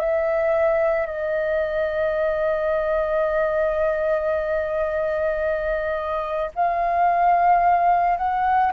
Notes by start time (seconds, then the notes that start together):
0.00 E5
1.07 D#5
6.56 F5
8.18 F#5